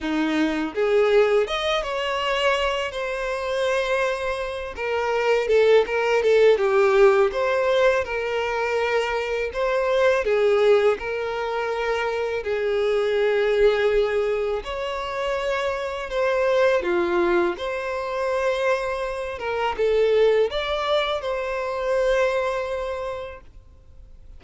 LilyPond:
\new Staff \with { instrumentName = "violin" } { \time 4/4 \tempo 4 = 82 dis'4 gis'4 dis''8 cis''4. | c''2~ c''8 ais'4 a'8 | ais'8 a'8 g'4 c''4 ais'4~ | ais'4 c''4 gis'4 ais'4~ |
ais'4 gis'2. | cis''2 c''4 f'4 | c''2~ c''8 ais'8 a'4 | d''4 c''2. | }